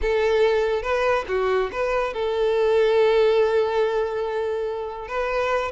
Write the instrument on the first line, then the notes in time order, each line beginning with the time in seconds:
violin
0.01 A4
0.82 B4
1.28 F#4
1.72 B4
2.13 A4
5.08 B4